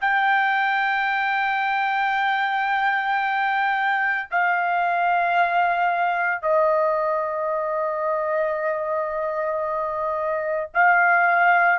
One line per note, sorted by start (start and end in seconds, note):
0.00 4.29 G5
4.31 6.41 F5
6.41 10.70 D#5
10.73 11.79 F5